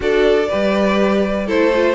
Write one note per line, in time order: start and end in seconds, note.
0.00 0.48 D4
0.00 0.48 F#4
0.00 0.49 A4
0.00 1.49 D5
0.49 1.50 G3
0.49 1.47 G4
0.49 1.46 B4
1.46 1.95 A3
1.46 1.72 E4
1.46 1.95 A4
1.46 1.95 C5
1.74 1.95 F4